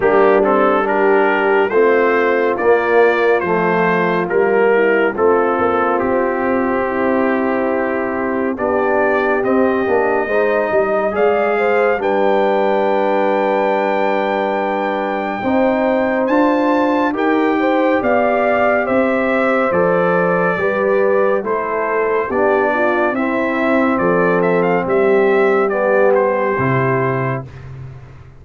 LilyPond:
<<
  \new Staff \with { instrumentName = "trumpet" } { \time 4/4 \tempo 4 = 70 g'8 a'8 ais'4 c''4 d''4 | c''4 ais'4 a'4 g'4~ | g'2 d''4 dis''4~ | dis''4 f''4 g''2~ |
g''2. a''4 | g''4 f''4 e''4 d''4~ | d''4 c''4 d''4 e''4 | d''8 e''16 f''16 e''4 d''8 c''4. | }
  \new Staff \with { instrumentName = "horn" } { \time 4/4 d'4 g'4 f'2~ | f'4. e'8 f'2 | e'2 g'2 | c''8 dis''8 d''8 c''8 b'2~ |
b'2 c''2 | ais'8 c''8 d''4 c''2 | b'4 a'4 g'8 f'8 e'4 | a'4 g'2. | }
  \new Staff \with { instrumentName = "trombone" } { \time 4/4 ais8 c'8 d'4 c'4 ais4 | a4 ais4 c'2~ | c'2 d'4 c'8 d'8 | dis'4 gis'4 d'2~ |
d'2 dis'4 f'4 | g'2. a'4 | g'4 e'4 d'4 c'4~ | c'2 b4 e'4 | }
  \new Staff \with { instrumentName = "tuba" } { \time 4/4 g2 a4 ais4 | f4 g4 a8 ais8 c'4~ | c'2 b4 c'8 ais8 | gis8 g8 gis4 g2~ |
g2 c'4 d'4 | dis'4 b4 c'4 f4 | g4 a4 b4 c'4 | f4 g2 c4 | }
>>